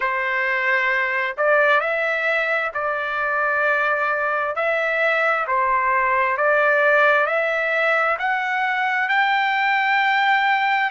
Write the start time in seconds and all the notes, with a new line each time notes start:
0.00 C5
1.37 D5
1.80 E5
2.74 D5
4.55 E5
5.47 C5
6.37 D5
7.26 E5
8.19 F#5
9.09 G5